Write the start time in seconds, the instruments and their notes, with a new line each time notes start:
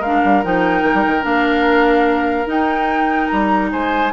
0.00 bassoon G#3, clarinet D4, oboe A#4, flute F5
0.25 bassoon G3
0.44 bassoon F3, clarinet D#4, flute G5
0.83 bassoon D#3
0.94 bassoon G3
1.07 bassoon D#3
1.22 bassoon A#3, clarinet D4, flute F5
2.46 bassoon D#4, clarinet D#4, flute G5
3.28 bassoon G3, flute A#5
3.72 bassoon G#3, oboe C5, flute G#5